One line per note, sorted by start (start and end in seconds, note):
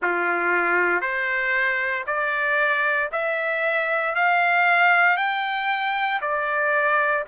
0.01 1.01 F4
1.01 2.04 C5
2.06 3.10 D5
3.12 4.15 E5
4.15 5.16 F5
5.16 6.20 G5
6.21 7.24 D5